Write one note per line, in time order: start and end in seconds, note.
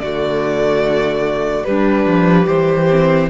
0.00 1.65 D3
0.00 1.66 A3
0.00 1.67 F#4
0.00 1.64 D5
1.65 2.89 G3
1.65 2.06 G3
1.65 2.46 D4
1.65 2.47 B4
2.06 2.47 F3
2.46 3.30 E3
2.46 3.28 G4
2.46 3.29 C5
2.91 3.31 C4